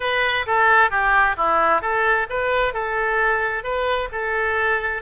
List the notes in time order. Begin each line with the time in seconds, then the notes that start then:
0.00 B4
0.46 A4
0.90 G4
1.36 E4
1.81 A4
2.29 B4
2.73 A4
3.63 B4
4.12 A4